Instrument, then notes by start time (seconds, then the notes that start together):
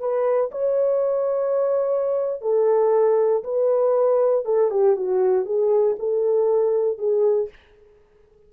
horn
0.00 B4
0.52 C#5
2.42 A4
3.44 B4
4.45 A4
4.71 G4
4.96 F#4
5.46 G#4
5.99 A4
6.98 G#4